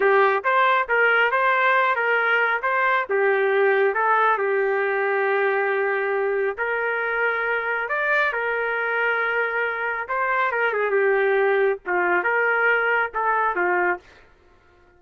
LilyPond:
\new Staff \with { instrumentName = "trumpet" } { \time 4/4 \tempo 4 = 137 g'4 c''4 ais'4 c''4~ | c''8 ais'4. c''4 g'4~ | g'4 a'4 g'2~ | g'2. ais'4~ |
ais'2 d''4 ais'4~ | ais'2. c''4 | ais'8 gis'8 g'2 f'4 | ais'2 a'4 f'4 | }